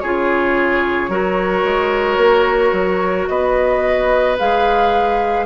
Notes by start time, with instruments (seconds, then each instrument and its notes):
0.00 bassoon C#3, clarinet F4, oboe G#4, flute C#5
1.08 bassoon F#3, clarinet F#4, oboe A#4
1.64 bassoon G#3
2.17 bassoon A#3
2.72 bassoon F#3
3.28 bassoon B3, oboe B4, flute D#5
4.39 bassoon G#3, clarinet G#4, flute F5